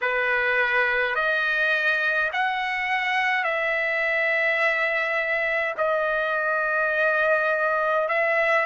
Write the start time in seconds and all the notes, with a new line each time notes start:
0.01 B4
1.15 D#5
2.32 F#5
3.44 E5
5.77 D#5
8.08 E5